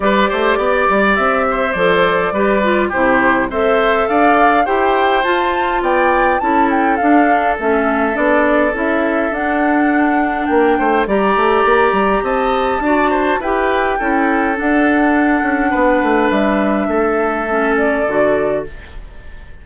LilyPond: <<
  \new Staff \with { instrumentName = "flute" } { \time 4/4 \tempo 4 = 103 d''2 e''4 d''4~ | d''4 c''4 e''4 f''4 | g''4 a''4 g''4 a''8 g''8 | f''4 e''4 d''4 e''4 |
fis''2 g''4 ais''4~ | ais''4 a''2 g''4~ | g''4 fis''2. | e''2~ e''8 d''4. | }
  \new Staff \with { instrumentName = "oboe" } { \time 4/4 b'8 c''8 d''4. c''4. | b'4 g'4 c''4 d''4 | c''2 d''4 a'4~ | a'1~ |
a'2 ais'8 c''8 d''4~ | d''4 dis''4 d''8 c''8 b'4 | a'2. b'4~ | b'4 a'2. | }
  \new Staff \with { instrumentName = "clarinet" } { \time 4/4 g'2. a'4 | g'8 f'8 e'4 a'2 | g'4 f'2 e'4 | d'4 cis'4 d'4 e'4 |
d'2. g'4~ | g'2 fis'4 g'4 | e'4 d'2.~ | d'2 cis'4 fis'4 | }
  \new Staff \with { instrumentName = "bassoon" } { \time 4/4 g8 a8 b8 g8 c'4 f4 | g4 c4 c'4 d'4 | e'4 f'4 b4 cis'4 | d'4 a4 b4 cis'4 |
d'2 ais8 a8 g8 a8 | ais8 g8 c'4 d'4 e'4 | cis'4 d'4. cis'8 b8 a8 | g4 a2 d4 | }
>>